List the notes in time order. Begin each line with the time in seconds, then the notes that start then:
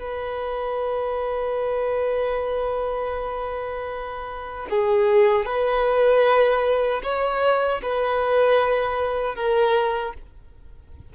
0.00 B4
4.70 G#4
5.46 B4
7.03 C#5
7.82 B4
9.35 A#4